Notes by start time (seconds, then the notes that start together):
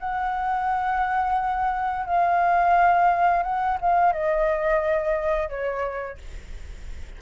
0.00 F#5
2.06 F5
3.44 F#5
3.81 F5
4.13 D#5
5.50 C#5